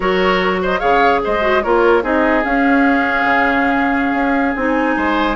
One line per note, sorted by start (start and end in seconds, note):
0.00 0.81 F#3
0.00 0.79 F#4
0.00 0.61 A#4
0.00 0.59 C#5
0.61 0.79 C5
0.61 0.79 D#5
0.79 1.23 C#3
0.79 1.40 G#4
0.79 1.20 C#5
0.79 1.20 F5
1.24 1.64 G#3
1.24 1.63 C5
1.24 1.62 D#5
1.40 1.61 F#4
1.62 2.03 A#3
1.62 2.02 F4
1.62 2.03 A#4
1.62 2.03 C#5
2.02 2.43 C4
2.02 2.42 D#4
2.02 4.96 G#4
2.02 2.44 D#5
2.44 4.56 C#4
2.44 3.24 C#4
2.44 4.56 F5
3.24 4.13 C#3
4.13 4.53 C#4
4.56 4.96 C4
4.56 5.36 D#4
4.56 5.36 G#5
4.96 5.36 G#3
4.96 5.36 C5